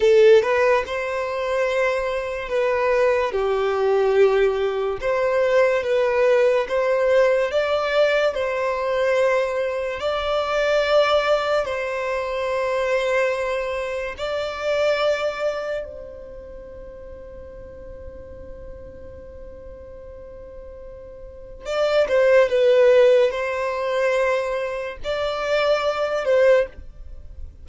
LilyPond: \new Staff \with { instrumentName = "violin" } { \time 4/4 \tempo 4 = 72 a'8 b'8 c''2 b'4 | g'2 c''4 b'4 | c''4 d''4 c''2 | d''2 c''2~ |
c''4 d''2 c''4~ | c''1~ | c''2 d''8 c''8 b'4 | c''2 d''4. c''8 | }